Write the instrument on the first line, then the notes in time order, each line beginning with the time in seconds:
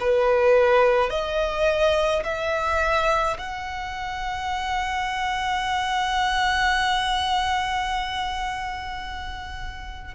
violin
0.00 B4
1.10 D#5
2.24 E5
3.38 F#5